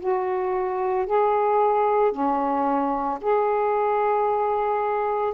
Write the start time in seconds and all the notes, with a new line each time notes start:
0.00 F#4
1.07 G#4
2.12 C#4
3.21 G#4